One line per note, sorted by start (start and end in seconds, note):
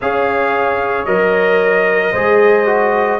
0.01 1.05 C#4
0.01 1.06 G#4
0.01 2.11 C#5
0.01 1.05 F5
1.05 2.12 F#3
1.05 2.14 A#4
1.05 3.19 D#5
2.11 3.19 G#3
2.11 2.66 G#4
2.11 3.18 C5
2.66 3.19 F#4